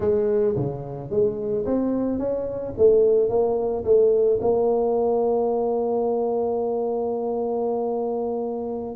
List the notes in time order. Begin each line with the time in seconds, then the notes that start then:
0.00 G#3
0.56 C#3
1.10 G#3
1.65 C4
2.18 C#4
2.77 A3
3.29 A#3
3.84 A3
4.41 A#3